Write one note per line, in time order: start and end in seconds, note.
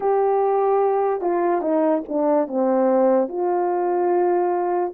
0.00 1.21 G4
1.21 1.61 F4
1.61 2.02 D#4
2.08 2.47 D4
2.47 3.28 C4
3.28 4.92 F4